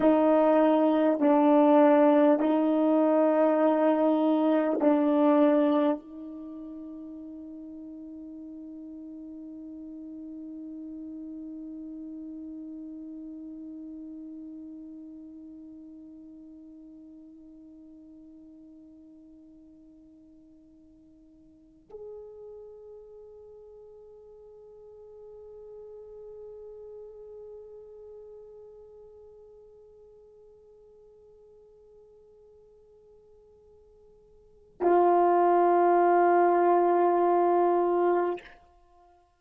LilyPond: \new Staff \with { instrumentName = "horn" } { \time 4/4 \tempo 4 = 50 dis'4 d'4 dis'2 | d'4 dis'2.~ | dis'1~ | dis'1~ |
dis'2~ dis'16 gis'4.~ gis'16~ | gis'1~ | gis'1~ | gis'4 f'2. | }